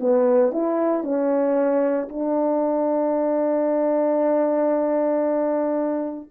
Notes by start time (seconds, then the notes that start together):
0.00 B3
0.53 E4
1.03 C#4
2.10 D4